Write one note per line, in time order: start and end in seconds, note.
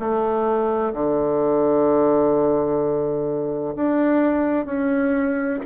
0.00 0.94 A3
0.94 3.75 D3
3.76 4.66 D4
4.66 5.60 C#4